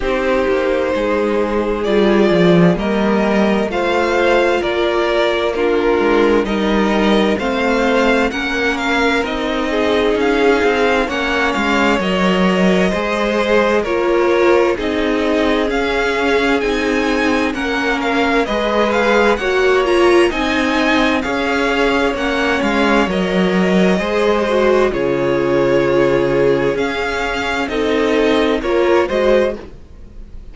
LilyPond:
<<
  \new Staff \with { instrumentName = "violin" } { \time 4/4 \tempo 4 = 65 c''2 d''4 dis''4 | f''4 d''4 ais'4 dis''4 | f''4 fis''8 f''8 dis''4 f''4 | fis''8 f''8 dis''2 cis''4 |
dis''4 f''4 gis''4 fis''8 f''8 | dis''8 f''8 fis''8 ais''8 gis''4 f''4 | fis''8 f''8 dis''2 cis''4~ | cis''4 f''4 dis''4 cis''8 dis''8 | }
  \new Staff \with { instrumentName = "violin" } { \time 4/4 g'4 gis'2 ais'4 | c''4 ais'4 f'4 ais'4 | c''4 ais'4. gis'4. | cis''2 c''4 ais'4 |
gis'2. ais'4 | b'4 cis''4 dis''4 cis''4~ | cis''2 c''4 gis'4~ | gis'2 a'4 ais'8 c''8 | }
  \new Staff \with { instrumentName = "viola" } { \time 4/4 dis'2 f'4 ais4 | f'2 d'4 dis'4 | c'4 cis'4 dis'2 | cis'4 ais'4 gis'4 f'4 |
dis'4 cis'4 dis'4 cis'4 | gis'4 fis'8 f'8 dis'4 gis'4 | cis'4 ais'4 gis'8 fis'8 f'4~ | f'4 cis'4 dis'4 f'8 fis'8 | }
  \new Staff \with { instrumentName = "cello" } { \time 4/4 c'8 ais8 gis4 g8 f8 g4 | a4 ais4. gis8 g4 | a4 ais4 c'4 cis'8 c'8 | ais8 gis8 fis4 gis4 ais4 |
c'4 cis'4 c'4 ais4 | gis4 ais4 c'4 cis'4 | ais8 gis8 fis4 gis4 cis4~ | cis4 cis'4 c'4 ais8 gis8 | }
>>